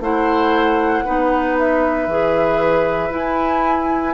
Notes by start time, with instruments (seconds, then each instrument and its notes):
0.00 bassoon A3, clarinet E4, oboe C5, flute F#5
1.04 bassoon B3, clarinet D#4, oboe B4
1.58 flute E5
2.06 bassoon E3, clarinet G#4
3.09 clarinet E4, bassoon E4, flute G#5